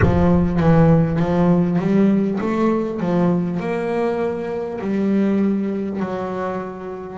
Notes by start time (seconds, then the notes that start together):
0.02 F3
0.59 E3
1.19 F3
1.78 G3
2.41 A3
3.00 F3
3.60 A#3
4.81 G3
6.00 F#3